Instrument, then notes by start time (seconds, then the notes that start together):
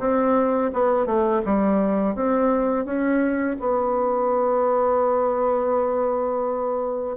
bassoon
0.00 C4
0.74 B3
1.06 A3
1.45 G3
2.16 C4
2.86 C#4
3.60 B3